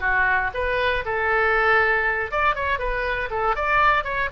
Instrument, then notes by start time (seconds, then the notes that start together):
oboe
0.00 F#4
0.54 B4
1.05 A4
2.31 D5
2.55 C#5
2.78 B4
3.30 A4
3.55 D5
4.04 C#5